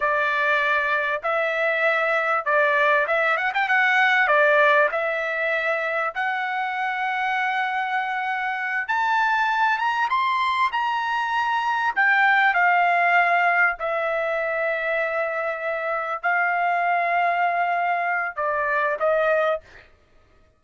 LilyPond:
\new Staff \with { instrumentName = "trumpet" } { \time 4/4 \tempo 4 = 98 d''2 e''2 | d''4 e''8 fis''16 g''16 fis''4 d''4 | e''2 fis''2~ | fis''2~ fis''8 a''4. |
ais''8 c'''4 ais''2 g''8~ | g''8 f''2 e''4.~ | e''2~ e''8 f''4.~ | f''2 d''4 dis''4 | }